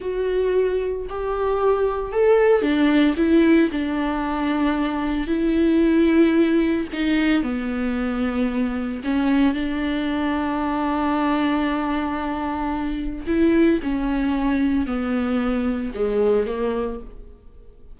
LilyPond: \new Staff \with { instrumentName = "viola" } { \time 4/4 \tempo 4 = 113 fis'2 g'2 | a'4 d'4 e'4 d'4~ | d'2 e'2~ | e'4 dis'4 b2~ |
b4 cis'4 d'2~ | d'1~ | d'4 e'4 cis'2 | b2 gis4 ais4 | }